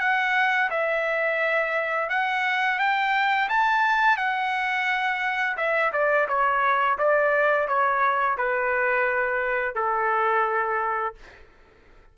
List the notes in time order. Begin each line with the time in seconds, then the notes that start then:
0.00 F#5
0.70 E5
2.09 F#5
2.79 G5
3.49 A5
4.17 F#5
5.57 E5
5.92 D5
6.28 C#5
6.98 D5
7.68 C#5
8.38 B4
9.75 A4